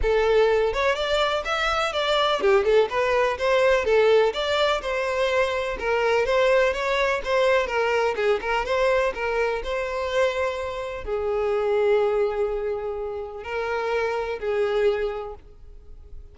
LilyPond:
\new Staff \with { instrumentName = "violin" } { \time 4/4 \tempo 4 = 125 a'4. cis''8 d''4 e''4 | d''4 g'8 a'8 b'4 c''4 | a'4 d''4 c''2 | ais'4 c''4 cis''4 c''4 |
ais'4 gis'8 ais'8 c''4 ais'4 | c''2. gis'4~ | gis'1 | ais'2 gis'2 | }